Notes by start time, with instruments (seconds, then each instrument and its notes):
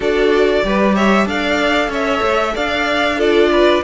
0.00 cello D4, viola F#4, violin A4 D5
0.63 cello G3, viola G4, violin B4
0.95 violin C#5 E5
1.25 cello D4, viola A4, violin D5 F5
1.88 cello C#4, violin C#5 E5
2.22 cello A3
2.54 cello D4, violin D5 F5
3.17 viola F4, violin A4 D5
3.52 violin B4